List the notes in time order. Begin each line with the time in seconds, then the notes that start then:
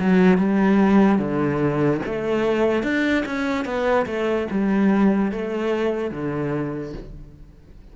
0.00 F#3
0.38 G3
1.19 D3
2.06 A3
2.84 D4
3.26 C#4
3.65 B3
4.06 A3
4.51 G3
5.32 A3
6.12 D3